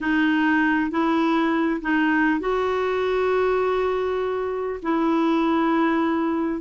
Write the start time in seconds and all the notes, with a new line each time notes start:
0.00 D#4
0.90 E4
1.81 D#4
2.39 F#4
4.82 E4